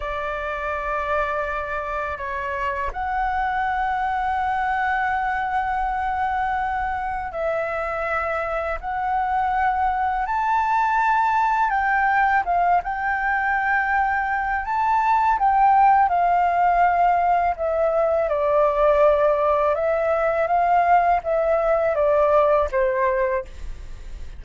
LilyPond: \new Staff \with { instrumentName = "flute" } { \time 4/4 \tempo 4 = 82 d''2. cis''4 | fis''1~ | fis''2 e''2 | fis''2 a''2 |
g''4 f''8 g''2~ g''8 | a''4 g''4 f''2 | e''4 d''2 e''4 | f''4 e''4 d''4 c''4 | }